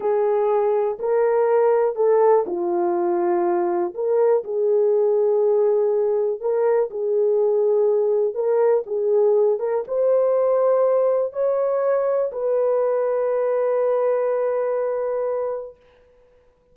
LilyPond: \new Staff \with { instrumentName = "horn" } { \time 4/4 \tempo 4 = 122 gis'2 ais'2 | a'4 f'2. | ais'4 gis'2.~ | gis'4 ais'4 gis'2~ |
gis'4 ais'4 gis'4. ais'8 | c''2. cis''4~ | cis''4 b'2.~ | b'1 | }